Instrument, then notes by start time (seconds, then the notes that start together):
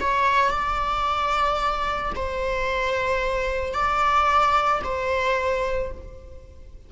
viola
0.00 C#5
0.50 D5
2.15 C5
3.73 D5
4.84 C5